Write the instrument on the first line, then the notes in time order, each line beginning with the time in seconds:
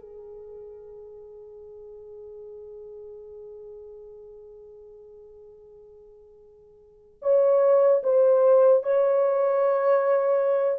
horn
0.00 G#4
7.22 C#5
8.03 C5
8.84 C#5